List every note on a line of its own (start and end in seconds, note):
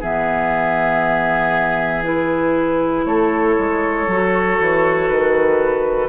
0.00 3.06 E3
0.00 2.04 B3
0.00 3.05 G#4
0.00 2.04 E5
2.04 4.07 E4
2.04 3.05 B4
3.05 3.57 A3
3.05 6.09 A4
3.05 5.08 C#5
3.58 4.07 G#3
4.07 4.58 F#3
4.07 6.09 F#4
4.60 5.10 E3
5.08 6.09 D#3
5.08 6.09 B4